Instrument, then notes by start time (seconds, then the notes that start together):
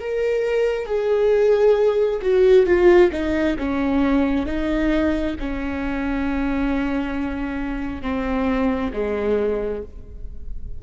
viola
0.00 A#4
0.86 G#4
2.22 F#4
2.66 F4
3.12 D#4
3.59 C#4
4.46 D#4
5.40 C#4
8.02 C4
8.93 G#3